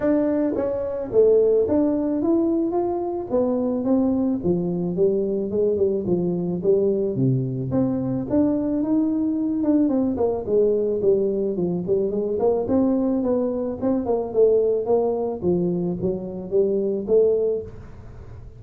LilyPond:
\new Staff \with { instrumentName = "tuba" } { \time 4/4 \tempo 4 = 109 d'4 cis'4 a4 d'4 | e'4 f'4 b4 c'4 | f4 g4 gis8 g8 f4 | g4 c4 c'4 d'4 |
dis'4. d'8 c'8 ais8 gis4 | g4 f8 g8 gis8 ais8 c'4 | b4 c'8 ais8 a4 ais4 | f4 fis4 g4 a4 | }